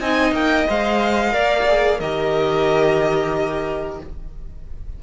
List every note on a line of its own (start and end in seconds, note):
0.00 0.32 C4
0.00 0.67 D#4
0.00 1.33 D#5
0.00 0.34 G#5
0.32 0.65 A#3
0.32 0.67 G5
0.67 1.34 G#3
0.67 1.31 C5
0.67 2.00 F5
1.31 2.00 A#3
1.31 1.64 A#4
1.31 1.99 D5
1.68 2.01 G#4
1.99 4.00 D#3
1.99 4.03 G4
1.99 3.99 A#4
1.99 4.00 D#5